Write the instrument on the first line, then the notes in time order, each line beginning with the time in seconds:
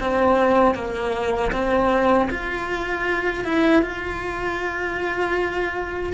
cello
0.00 C4
0.74 A#3
1.52 C4
2.30 F4
3.44 E4
3.82 F4